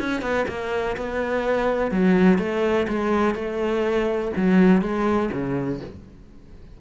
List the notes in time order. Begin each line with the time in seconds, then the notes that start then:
0.00 C#4
0.22 B3
0.48 A#3
0.97 B3
1.92 F#3
2.39 A3
2.89 G#3
3.35 A3
4.37 F#3
4.82 G#3
5.33 C#3